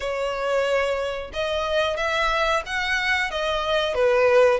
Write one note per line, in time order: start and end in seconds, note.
0.00 1.31 C#5
1.33 1.96 D#5
1.96 2.62 E5
2.66 3.30 F#5
3.30 3.94 D#5
3.94 4.60 B4